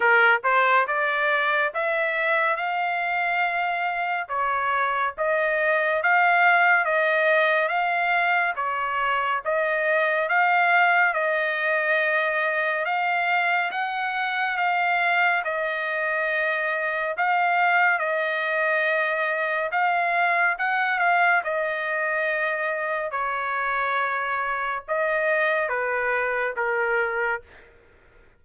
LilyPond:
\new Staff \with { instrumentName = "trumpet" } { \time 4/4 \tempo 4 = 70 ais'8 c''8 d''4 e''4 f''4~ | f''4 cis''4 dis''4 f''4 | dis''4 f''4 cis''4 dis''4 | f''4 dis''2 f''4 |
fis''4 f''4 dis''2 | f''4 dis''2 f''4 | fis''8 f''8 dis''2 cis''4~ | cis''4 dis''4 b'4 ais'4 | }